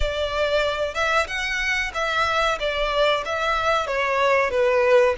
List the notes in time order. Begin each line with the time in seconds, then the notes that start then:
0.00 D5
0.94 E5
1.27 F#5
1.94 E5
2.59 D5
3.25 E5
3.87 C#5
4.50 B4